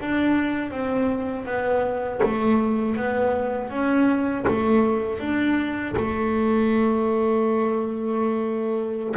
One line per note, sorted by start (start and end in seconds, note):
0.00 0.71 D4
0.71 1.45 C4
1.45 2.20 B3
2.22 2.96 A3
2.96 3.70 B3
3.70 4.45 C#4
4.47 5.19 A3
5.19 5.94 D4
5.96 9.15 A3